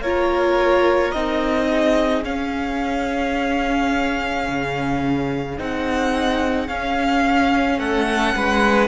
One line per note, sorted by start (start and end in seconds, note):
0.00 1.11 A#3
0.00 1.15 F4
0.00 1.69 A#4
0.00 1.12 C#5
1.12 2.25 C4
1.12 2.23 D#4
1.12 2.23 D#5
1.69 7.79 G#4
2.23 5.56 C#4
2.23 4.47 C#4
2.23 5.58 F5
4.48 5.59 C#3
5.58 6.68 C4
5.58 6.68 D#4
5.58 6.68 F#5
6.68 8.88 C#4
6.68 7.79 C#4
6.68 7.79 F5
7.79 8.34 A3
7.79 8.35 A4
7.79 8.88 F#5
8.35 8.88 G#3
8.35 8.88 B4